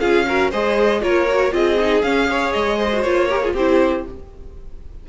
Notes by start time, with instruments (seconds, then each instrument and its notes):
0.00 cello C#4, viola F4, violin G#4 F5
0.27 viola F#4, violin A#4
0.51 cello G#3, viola G#4, violin C5 D#5
1.01 cello A#3, viola F4, violin A#4 C#5
1.30 viola F#4
1.51 cello C4, viola F4, violin G#4 D#5
1.80 viola D#4
2.02 cello C#4, viola C#4, violin F5
2.27 viola G#4, violin C#5
2.52 cello G#3, violin D#5
2.78 violin C5
2.93 viola F#4
3.02 cello A#3, viola F4, violin C#5
3.29 viola G4, violin A#4
3.42 viola F4, violin G#4
3.54 cello C4, viola E4, violin G4 C5